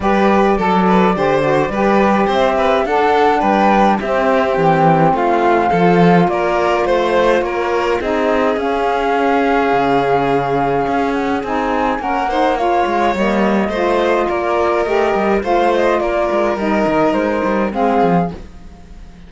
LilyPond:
<<
  \new Staff \with { instrumentName = "flute" } { \time 4/4 \tempo 4 = 105 d''1 | e''4 fis''4 g''4 e''4 | g''4 f''2 d''4 | c''4 cis''4 dis''4 f''4~ |
f''2.~ f''8 fis''8 | gis''4 fis''4 f''4 dis''4~ | dis''4 d''4 dis''4 f''8 dis''8 | d''4 dis''4 c''4 f''4 | }
  \new Staff \with { instrumentName = "violin" } { \time 4/4 b'4 a'8 b'8 c''4 b'4 | c''8 b'8 a'4 b'4 g'4~ | g'4 f'4 a'4 ais'4 | c''4 ais'4 gis'2~ |
gis'1~ | gis'4 ais'8 c''8 cis''2 | c''4 ais'2 c''4 | ais'2. gis'4 | }
  \new Staff \with { instrumentName = "saxophone" } { \time 4/4 g'4 a'4 g'8 fis'8 g'4~ | g'4 d'2 c'4~ | c'2 f'2~ | f'2 dis'4 cis'4~ |
cis'1 | dis'4 cis'8 dis'8 f'4 ais4 | f'2 g'4 f'4~ | f'4 dis'2 c'4 | }
  \new Staff \with { instrumentName = "cello" } { \time 4/4 g4 fis4 d4 g4 | c'4 d'4 g4 c'4 | e4 a4 f4 ais4 | a4 ais4 c'4 cis'4~ |
cis'4 cis2 cis'4 | c'4 ais4. gis8 g4 | a4 ais4 a8 g8 a4 | ais8 gis8 g8 dis8 gis8 g8 gis8 f8 | }
>>